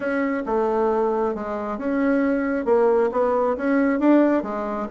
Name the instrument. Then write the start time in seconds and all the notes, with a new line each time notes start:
bassoon
0.00 C#4
0.46 A3
1.34 G#3
1.78 C#4
2.65 A#3
3.11 B3
3.57 C#4
3.99 D4
4.43 G#3